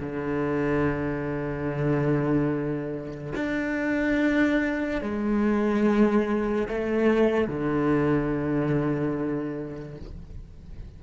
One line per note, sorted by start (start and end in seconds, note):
0.00 3.33 D3
3.35 5.01 D4
5.01 6.68 G#3
6.69 7.48 A3
7.48 9.98 D3